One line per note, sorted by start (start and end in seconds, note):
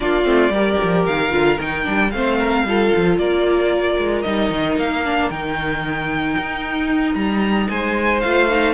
0.00 0.26 A#3
0.00 0.24 D4
0.00 0.52 F4
0.00 1.06 D5
0.24 0.50 A3
0.24 0.50 C4
0.50 0.76 G3
0.50 1.30 G4
0.50 2.12 A#4
0.83 1.06 F3
1.06 1.32 D#3
1.06 1.59 F5
1.30 1.58 D3
1.30 1.57 F4
1.60 1.87 D#3
1.60 1.83 D#4
1.60 2.11 G5
1.83 2.13 G3
1.83 2.10 D4
2.11 2.64 A3
2.11 2.67 C4
2.11 2.38 C5
2.11 3.17 F5
2.38 2.64 A#4
2.64 2.90 G3
2.64 4.25 F4
2.64 3.20 A4
2.95 3.17 F3
3.17 3.97 A#3
3.17 7.70 A#4
3.17 4.22 D5
3.98 4.24 G#3
4.22 4.50 G3
4.22 5.04 D#4
4.22 4.75 D#5
4.50 4.76 D#3
4.76 5.29 A#3
4.76 5.30 F5
5.04 5.31 D4
5.30 6.36 D#3
5.30 8.24 D#4
5.30 7.14 G5
6.37 7.14 D#4
7.14 7.68 G3
7.14 7.67 A#5
7.69 8.23 G#3
7.69 8.73 C5
7.69 8.20 G#5
8.20 8.73 A3
8.20 8.49 F4
8.20 8.73 F5
8.49 8.73 D#4